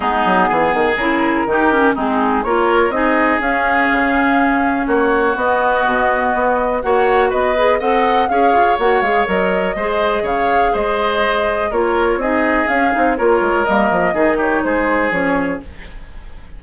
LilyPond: <<
  \new Staff \with { instrumentName = "flute" } { \time 4/4 \tempo 4 = 123 gis'2 ais'2 | gis'4 cis''4 dis''4 f''4~ | f''2 cis''4 dis''4~ | dis''2 fis''4 dis''4 |
fis''4 f''4 fis''8 f''8 dis''4~ | dis''4 f''4 dis''2 | cis''4 dis''4 f''4 cis''4 | dis''4. cis''8 c''4 cis''4 | }
  \new Staff \with { instrumentName = "oboe" } { \time 4/4 dis'4 gis'2 g'4 | dis'4 ais'4 gis'2~ | gis'2 fis'2~ | fis'2 cis''4 b'4 |
dis''4 cis''2. | c''4 cis''4 c''2 | ais'4 gis'2 ais'4~ | ais'4 gis'8 g'8 gis'2 | }
  \new Staff \with { instrumentName = "clarinet" } { \time 4/4 b2 e'4 dis'8 cis'8 | c'4 f'4 dis'4 cis'4~ | cis'2. b4~ | b2 fis'4. gis'8 |
a'4 gis'4 fis'8 gis'8 ais'4 | gis'1 | f'4 dis'4 cis'8 dis'8 f'4 | ais4 dis'2 cis'4 | }
  \new Staff \with { instrumentName = "bassoon" } { \time 4/4 gis8 fis8 e8 dis8 cis4 dis4 | gis4 ais4 c'4 cis'4 | cis2 ais4 b4 | b,4 b4 ais4 b4 |
c'4 cis'8 f'8 ais8 gis8 fis4 | gis4 cis4 gis2 | ais4 c'4 cis'8 c'8 ais8 gis8 | g8 f8 dis4 gis4 f4 | }
>>